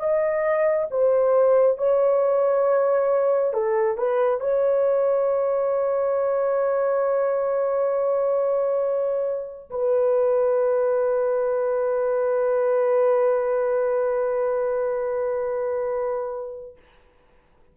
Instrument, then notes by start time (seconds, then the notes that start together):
horn
0.00 D#5
0.91 C5
1.78 C#5
3.54 A4
3.98 B4
4.41 C#5
9.71 B4